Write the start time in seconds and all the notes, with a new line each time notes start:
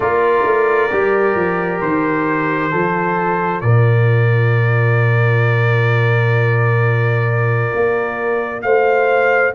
0.00 A#3 F4 A#4 D5
0.44 A3
0.91 G3 G4
1.35 F3
1.80 D#3 C5
2.71 F3 F4 A4
3.60 A#2 A#4 D5
7.74 A#3
8.62 A3 C5 F5